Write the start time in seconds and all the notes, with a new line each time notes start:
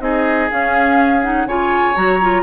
0.00 C4 D#4 G#4 D#5
0.51 C#4 F5
1.22 D#4 F#5
1.46 C#3 F4 C#5 G#5
1.95 F#3 F#4 A#5
2.22 F4